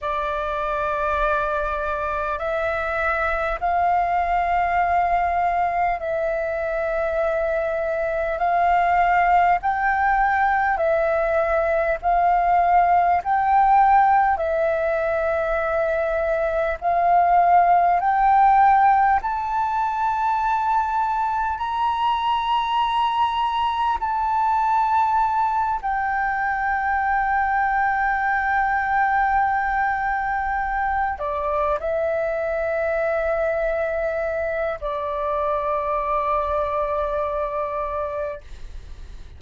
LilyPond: \new Staff \with { instrumentName = "flute" } { \time 4/4 \tempo 4 = 50 d''2 e''4 f''4~ | f''4 e''2 f''4 | g''4 e''4 f''4 g''4 | e''2 f''4 g''4 |
a''2 ais''2 | a''4. g''2~ g''8~ | g''2 d''8 e''4.~ | e''4 d''2. | }